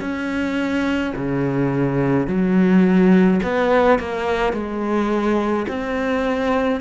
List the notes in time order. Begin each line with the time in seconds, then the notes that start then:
0.00 C#4
1.15 C#3
2.27 F#3
3.43 B3
3.98 A#3
4.52 G#3
5.67 C4